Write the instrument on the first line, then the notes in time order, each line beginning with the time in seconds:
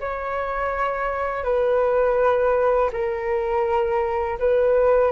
flute
0.00 C#5
1.44 B4
2.92 A#4
4.39 B4